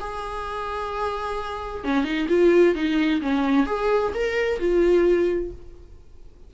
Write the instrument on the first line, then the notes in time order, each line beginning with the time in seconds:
viola
0.00 G#4
1.84 C#4
2.04 D#4
2.28 F4
2.75 D#4
3.21 C#4
3.66 G#4
4.14 A#4
4.59 F4